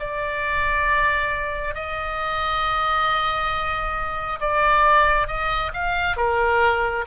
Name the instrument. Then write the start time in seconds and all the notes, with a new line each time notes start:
oboe
0.00 D5
1.75 D#5
4.41 D5
5.28 D#5
5.74 F5
6.17 A#4